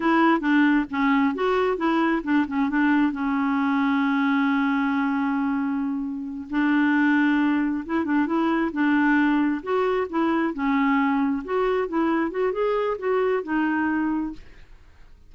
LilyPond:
\new Staff \with { instrumentName = "clarinet" } { \time 4/4 \tempo 4 = 134 e'4 d'4 cis'4 fis'4 | e'4 d'8 cis'8 d'4 cis'4~ | cis'1~ | cis'2~ cis'8 d'4.~ |
d'4. e'8 d'8 e'4 d'8~ | d'4. fis'4 e'4 cis'8~ | cis'4. fis'4 e'4 fis'8 | gis'4 fis'4 dis'2 | }